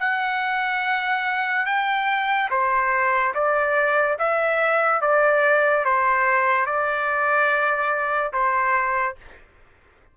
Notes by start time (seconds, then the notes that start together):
0.00 F#5
1.67 G5
2.51 C5
3.35 D5
4.19 E5
5.02 D5
5.85 C5
6.66 D5
8.33 C5